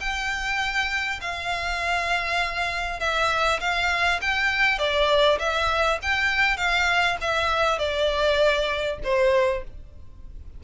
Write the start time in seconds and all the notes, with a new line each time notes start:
0.00 G5
1.21 F5
2.99 E5
3.60 F5
4.21 G5
4.79 D5
5.39 E5
6.02 G5
6.57 F5
7.21 E5
7.79 D5
9.04 C5